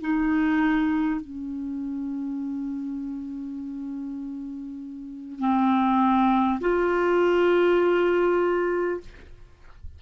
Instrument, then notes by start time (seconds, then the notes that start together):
clarinet
0.00 D#4
1.21 C#4
5.39 C4
6.60 F4